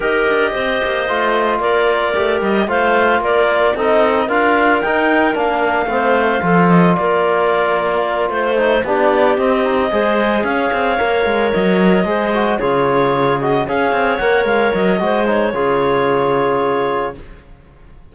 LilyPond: <<
  \new Staff \with { instrumentName = "clarinet" } { \time 4/4 \tempo 4 = 112 dis''2. d''4~ | d''8 dis''8 f''4 d''4 dis''4 | f''4 g''4 f''2~ | f''8 dis''8 d''2~ d''8 c''8~ |
c''8 d''4 dis''2 f''8~ | f''4. dis''2 cis''8~ | cis''4 dis''8 f''4 fis''8 f''8 dis''8~ | dis''8 cis''2.~ cis''8 | }
  \new Staff \with { instrumentName = "clarinet" } { \time 4/4 ais'4 c''2 ais'4~ | ais'4 c''4 ais'4 a'4 | ais'2. c''4 | a'4 ais'2~ ais'8 c''8~ |
c''8 g'2 c''4 cis''8~ | cis''2~ cis''8 c''4 gis'8~ | gis'4. cis''2~ cis''8 | c''4 gis'2. | }
  \new Staff \with { instrumentName = "trombone" } { \time 4/4 g'2 f'2 | g'4 f'2 dis'4 | f'4 dis'4 d'4 c'4 | f'1 |
dis'8 d'4 c'8 dis'8 gis'4.~ | gis'8 ais'2 gis'8 fis'8 f'8~ | f'4 fis'8 gis'4 ais'4. | fis'8 dis'8 f'2. | }
  \new Staff \with { instrumentName = "cello" } { \time 4/4 dis'8 d'8 c'8 ais8 a4 ais4 | a8 g8 a4 ais4 c'4 | d'4 dis'4 ais4 a4 | f4 ais2~ ais8 a8~ |
a8 b4 c'4 gis4 cis'8 | c'8 ais8 gis8 fis4 gis4 cis8~ | cis4. cis'8 c'8 ais8 gis8 fis8 | gis4 cis2. | }
>>